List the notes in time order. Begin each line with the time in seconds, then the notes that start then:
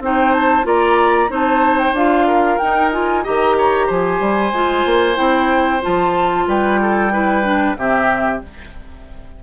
0.00 C4 D#4 C5 G5
0.33 A5
0.63 A#3 F4 D5 A#5
1.29 C4 D#4 C5 A5
1.79 G5
1.92 D4 F4 F5
2.27 A#4
2.58 D#4 G5
2.92 F4 G#5
3.24 D#3 G4 D#5 A#5
3.58 C#5
3.86 F3 C5 G#5
4.20 G3
4.52 G#3 F4
4.85 A#3
5.15 C4 E4 G5
5.82 F3 F4 A5
6.47 G3 B4 G5
6.81 A4
7.12 E4 B4
7.43 D4
7.77 C3 C4 G4 E5